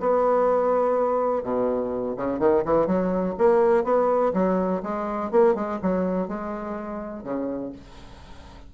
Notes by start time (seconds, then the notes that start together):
0.00 B3
1.43 B2
2.17 C#3
2.39 D#3
2.65 E3
2.87 F#3
3.38 A#3
3.84 B3
4.34 F#3
4.83 G#3
5.31 A#3
5.55 G#3
5.83 F#3
6.28 G#3
7.24 C#3